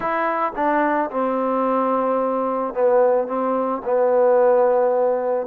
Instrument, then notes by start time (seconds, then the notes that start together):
trombone
0.00 E4
0.55 D4
1.10 C4
2.73 B3
3.27 C4
3.84 B3